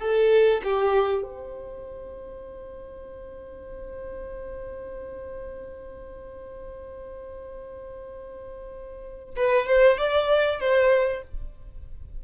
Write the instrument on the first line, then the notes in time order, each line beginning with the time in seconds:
violin
0.00 A4
0.64 G4
1.23 C5
9.36 B4
9.67 C5
9.98 D5
10.61 C5